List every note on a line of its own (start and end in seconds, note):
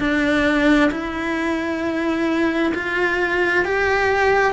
0.00 0.91 D4
0.92 2.74 E4
2.75 3.65 F4
3.65 4.54 G4